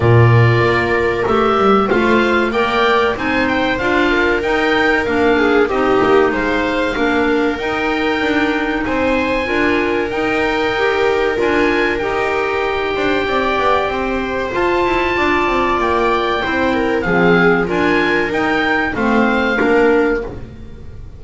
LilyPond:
<<
  \new Staff \with { instrumentName = "oboe" } { \time 4/4 \tempo 4 = 95 d''2 e''4 f''4 | g''4 gis''8 g''8 f''4 g''4 | f''4 dis''4 f''2 | g''2 gis''2 |
g''2 gis''4 g''4~ | g''2. a''4~ | a''4 g''2 f''4 | gis''4 g''4 f''2 | }
  \new Staff \with { instrumentName = "viola" } { \time 4/4 ais'2. c''4 | d''4 c''4. ais'4.~ | ais'8 gis'8 g'4 c''4 ais'4~ | ais'2 c''4 ais'4~ |
ais'1~ | ais'8 c''8 d''4 c''2 | d''2 c''8 ais'8 gis'4 | ais'2 c''4 ais'4 | }
  \new Staff \with { instrumentName = "clarinet" } { \time 4/4 f'2 g'4 f'4 | ais'4 dis'4 f'4 dis'4 | d'4 dis'2 d'4 | dis'2. f'4 |
dis'4 g'4 f'4 g'4~ | g'2. f'4~ | f'2 e'4 c'4 | f'4 dis'4 c'4 d'4 | }
  \new Staff \with { instrumentName = "double bass" } { \time 4/4 ais,4 ais4 a8 g8 a4 | ais4 c'4 d'4 dis'4 | ais4 c'8 ais8 gis4 ais4 | dis'4 d'4 c'4 d'4 |
dis'2 d'4 dis'4~ | dis'8 d'8 c'8 b8 c'4 f'8 e'8 | d'8 c'8 ais4 c'4 f4 | d'4 dis'4 a4 ais4 | }
>>